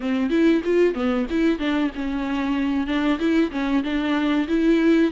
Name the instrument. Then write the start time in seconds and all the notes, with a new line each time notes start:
viola
0.00 C4
0.30 E4
0.64 F4
0.94 B3
1.29 E4
1.58 D4
1.95 C#4
2.86 D4
3.19 E4
3.51 C#4
3.83 D4
4.47 E4